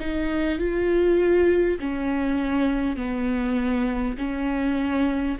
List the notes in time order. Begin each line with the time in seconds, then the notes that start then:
0.00 D#4
0.58 F4
1.79 C#4
2.96 B3
4.18 C#4